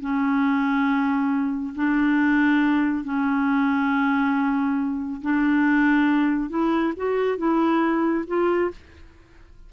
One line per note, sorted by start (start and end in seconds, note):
0.00 1.74 C#4
1.75 3.04 D4
3.04 5.21 C#4
5.22 6.50 D4
6.50 6.93 E4
6.96 7.38 F#4
7.38 8.25 E4
8.27 8.71 F4